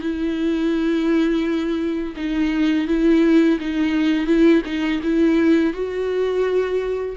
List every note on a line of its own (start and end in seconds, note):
0.00 2.14 E4
2.16 2.87 D#4
2.87 3.58 E4
3.60 4.26 D#4
4.26 4.62 E4
4.65 5.01 D#4
5.03 5.73 E4
5.73 7.16 F#4